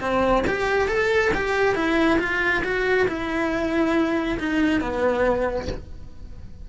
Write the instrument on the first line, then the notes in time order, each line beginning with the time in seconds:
cello
0.00 C4
0.47 G4
0.88 A4
1.34 G4
1.75 E4
2.19 F4
2.64 F#4
3.08 E4
4.39 D#4
4.80 B3